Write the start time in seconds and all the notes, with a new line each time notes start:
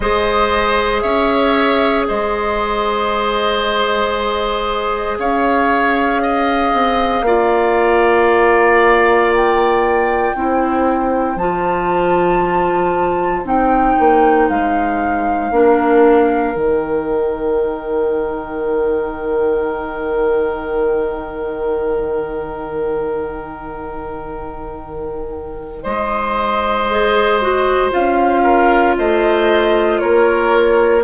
0.00 G#3 G#4 C5 D#5
1.01 C#4 C#5 E5
2.08 G#3 C5 D#5
5.18 C#4 C#5 F5
6.22 D#5
6.72 C4
7.21 A#3 F4 D5
9.32 G5
10.34 C4 E4 C5
11.36 F3 F4 A5
13.43 C4 D#4 G5
13.99 A#3
14.49 G#3 F5
15.50 A#3 D4 A#4
16.54 D#3 D#4 G5
25.82 G#3 C5 D#5
26.90 G#4
27.41 F#4
27.90 C#4 F4 F5
28.43 A#4
28.97 A3 C5 D#5
29.99 A#3 A#4 C#5